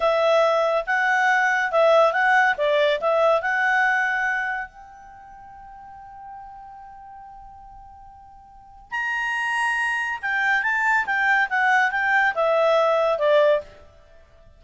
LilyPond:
\new Staff \with { instrumentName = "clarinet" } { \time 4/4 \tempo 4 = 141 e''2 fis''2 | e''4 fis''4 d''4 e''4 | fis''2. g''4~ | g''1~ |
g''1~ | g''4 ais''2. | g''4 a''4 g''4 fis''4 | g''4 e''2 d''4 | }